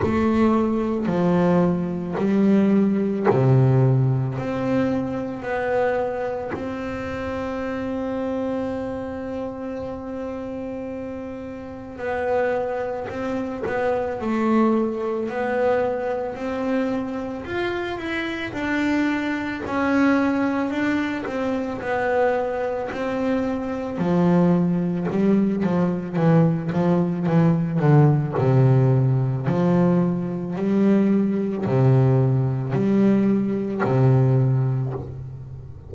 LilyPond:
\new Staff \with { instrumentName = "double bass" } { \time 4/4 \tempo 4 = 55 a4 f4 g4 c4 | c'4 b4 c'2~ | c'2. b4 | c'8 b8 a4 b4 c'4 |
f'8 e'8 d'4 cis'4 d'8 c'8 | b4 c'4 f4 g8 f8 | e8 f8 e8 d8 c4 f4 | g4 c4 g4 c4 | }